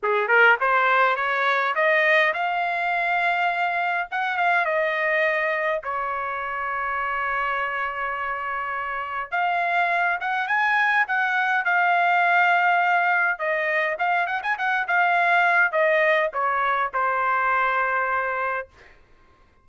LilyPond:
\new Staff \with { instrumentName = "trumpet" } { \time 4/4 \tempo 4 = 103 gis'8 ais'8 c''4 cis''4 dis''4 | f''2. fis''8 f''8 | dis''2 cis''2~ | cis''1 |
f''4. fis''8 gis''4 fis''4 | f''2. dis''4 | f''8 fis''16 gis''16 fis''8 f''4. dis''4 | cis''4 c''2. | }